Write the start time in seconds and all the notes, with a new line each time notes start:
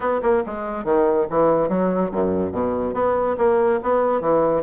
0.00 B3
0.22 A#3
0.46 G#3
0.84 D#3
1.29 E3
1.69 F#3
2.11 F#2
2.52 B2
2.94 B3
3.37 A#3
3.82 B3
4.20 E3